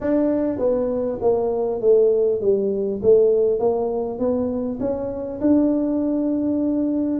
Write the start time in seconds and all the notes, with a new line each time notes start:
0.00 D4
0.58 B3
1.21 A#3
1.80 A3
2.40 G3
3.02 A3
3.59 A#3
4.18 B3
4.79 C#4
5.40 D4